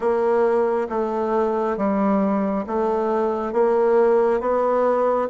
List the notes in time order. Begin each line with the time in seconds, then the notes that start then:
0.00 A#3
0.89 A3
1.76 G3
2.66 A3
3.53 A#3
4.40 B3